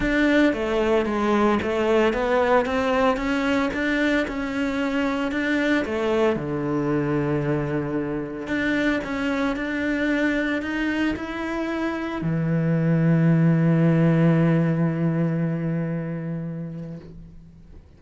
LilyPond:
\new Staff \with { instrumentName = "cello" } { \time 4/4 \tempo 4 = 113 d'4 a4 gis4 a4 | b4 c'4 cis'4 d'4 | cis'2 d'4 a4 | d1 |
d'4 cis'4 d'2 | dis'4 e'2 e4~ | e1~ | e1 | }